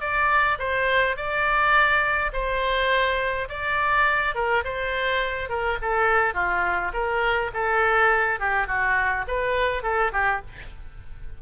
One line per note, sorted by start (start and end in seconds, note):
0.00 0.58 D5
0.58 1.16 C5
1.16 2.31 D5
2.33 3.48 C5
3.49 4.35 D5
4.35 4.63 A#4
4.64 5.49 C5
5.49 5.78 A#4
5.81 6.34 A4
6.34 6.92 F4
6.93 7.51 A#4
7.53 8.39 A4
8.39 8.67 G4
8.67 9.25 F#4
9.28 9.82 B4
9.82 10.11 A4
10.12 10.41 G4